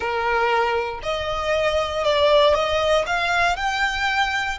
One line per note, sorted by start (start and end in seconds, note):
0.00 1.00 A#4
1.03 2.04 D#5
2.04 2.54 D5
2.54 3.05 D#5
3.06 3.56 F5
3.56 4.58 G5